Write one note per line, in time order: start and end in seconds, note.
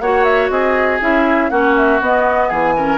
0.00 0.50 A#3
0.00 1.01 F#4
0.00 0.52 C#5
0.00 0.24 F#5
0.24 0.49 E5
0.50 1.00 C4
0.50 1.51 G#4
0.50 1.00 D#5
1.01 1.51 C#4
1.01 1.51 E4
1.01 1.50 E5
1.50 2.01 A#3
1.50 2.01 C#4
1.50 2.48 F#4
1.50 1.75 F#5
1.77 2.02 E5
2.01 2.50 B3
2.01 2.77 B3
2.01 2.50 D#5
2.48 2.98 E3
2.48 2.73 G#4
2.48 2.98 G#5
2.76 2.98 C#4
2.76 2.98 A#4